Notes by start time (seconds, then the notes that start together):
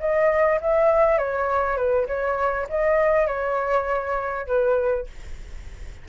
0.00 D#5
0.62 E5
1.18 C#5
1.77 B4
2.08 C#5
2.69 D#5
3.27 C#5
4.47 B4